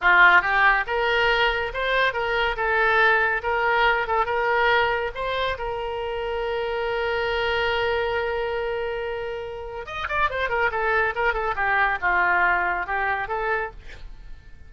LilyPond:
\new Staff \with { instrumentName = "oboe" } { \time 4/4 \tempo 4 = 140 f'4 g'4 ais'2 | c''4 ais'4 a'2 | ais'4. a'8 ais'2 | c''4 ais'2.~ |
ais'1~ | ais'2. dis''8 d''8 | c''8 ais'8 a'4 ais'8 a'8 g'4 | f'2 g'4 a'4 | }